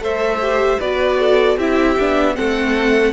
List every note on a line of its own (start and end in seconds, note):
0.00 0.78 A3
0.00 0.40 A4
0.00 0.80 C5
0.00 0.81 E5
0.42 0.81 G4
0.80 1.58 B3
0.80 1.60 F#4
0.80 1.19 B4
0.80 1.59 D5
1.20 1.58 A4
1.58 1.97 C4
1.58 1.99 E4
1.58 2.36 G4
1.58 2.36 E5
1.99 2.38 B3
1.99 2.36 D4
2.36 3.13 A3
2.36 3.13 C4
2.36 3.13 A4
2.36 3.13 F#5